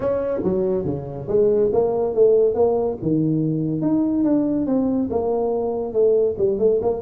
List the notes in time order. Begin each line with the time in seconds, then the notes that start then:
0.00 C#4
0.43 F#3
0.84 C#3
1.27 G#3
1.72 A#3
2.14 A3
2.54 A#3
3.02 D#3
3.81 D#4
4.23 D4
4.66 C4
5.10 A#3
5.93 A3
6.38 G3
6.59 A3
6.81 A#3